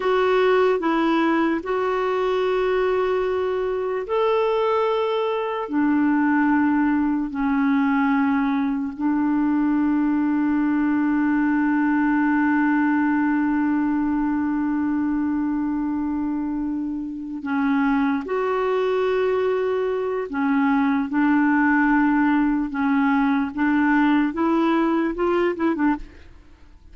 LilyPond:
\new Staff \with { instrumentName = "clarinet" } { \time 4/4 \tempo 4 = 74 fis'4 e'4 fis'2~ | fis'4 a'2 d'4~ | d'4 cis'2 d'4~ | d'1~ |
d'1~ | d'4. cis'4 fis'4.~ | fis'4 cis'4 d'2 | cis'4 d'4 e'4 f'8 e'16 d'16 | }